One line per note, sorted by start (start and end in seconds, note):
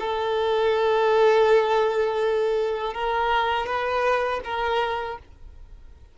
0.00 2.94 A4
2.94 3.66 A#4
3.66 4.40 B4
4.44 5.19 A#4